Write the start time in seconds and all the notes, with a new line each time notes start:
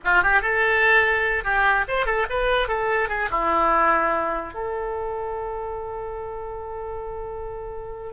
0.04 F4
0.23 G4
0.41 A4
1.44 G4
1.87 C5
2.05 A4
2.29 B4
2.68 A4
3.08 G#4
3.30 E4
4.54 A4